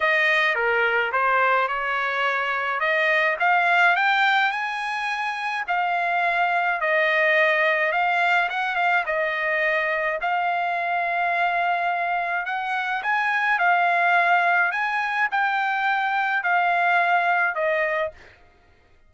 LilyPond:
\new Staff \with { instrumentName = "trumpet" } { \time 4/4 \tempo 4 = 106 dis''4 ais'4 c''4 cis''4~ | cis''4 dis''4 f''4 g''4 | gis''2 f''2 | dis''2 f''4 fis''8 f''8 |
dis''2 f''2~ | f''2 fis''4 gis''4 | f''2 gis''4 g''4~ | g''4 f''2 dis''4 | }